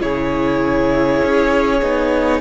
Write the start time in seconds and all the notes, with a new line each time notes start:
0.00 C#3 E4 G#4 C#5
1.24 C#4
1.82 B3 D#4